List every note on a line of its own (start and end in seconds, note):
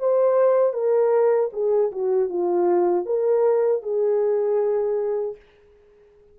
0.00 0.74 C5
0.74 1.51 A#4
1.53 1.92 G#4
1.92 2.30 F#4
2.30 3.06 F4
3.06 3.83 A#4
3.83 5.37 G#4